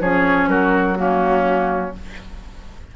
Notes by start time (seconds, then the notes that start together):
0.00 F3 C#4 G#4 C#5
0.48 F#3 F#4 A#4
0.97 A#3 C#4 F#4